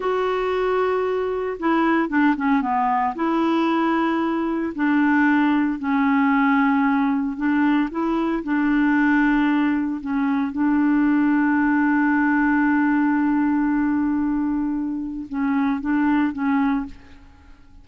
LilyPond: \new Staff \with { instrumentName = "clarinet" } { \time 4/4 \tempo 4 = 114 fis'2. e'4 | d'8 cis'8 b4 e'2~ | e'4 d'2 cis'4~ | cis'2 d'4 e'4 |
d'2. cis'4 | d'1~ | d'1~ | d'4 cis'4 d'4 cis'4 | }